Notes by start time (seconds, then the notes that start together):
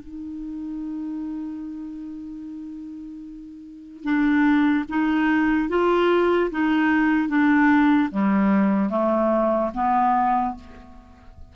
0.00 D#4
4.04 D4
4.89 D#4
5.69 F4
6.51 D#4
7.29 D4
8.12 G3
8.90 A3
9.74 B3